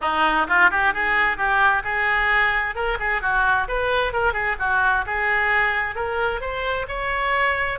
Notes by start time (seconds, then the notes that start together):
0.01 D#4
0.47 F4
0.70 G4
0.93 G#4
1.37 G4
1.84 G#4
2.75 A#4
2.99 G#4
3.21 F#4
3.67 B4
4.12 A#4
4.33 G#4
4.59 F#4
5.06 G#4
5.95 A#4
6.40 C5
6.87 C#5